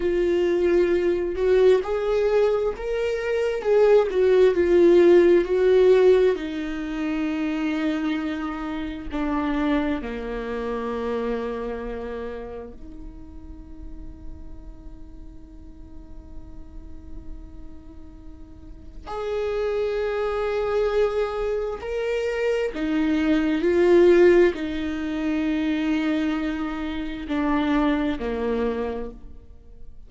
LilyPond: \new Staff \with { instrumentName = "viola" } { \time 4/4 \tempo 4 = 66 f'4. fis'8 gis'4 ais'4 | gis'8 fis'8 f'4 fis'4 dis'4~ | dis'2 d'4 ais4~ | ais2 dis'2~ |
dis'1~ | dis'4 gis'2. | ais'4 dis'4 f'4 dis'4~ | dis'2 d'4 ais4 | }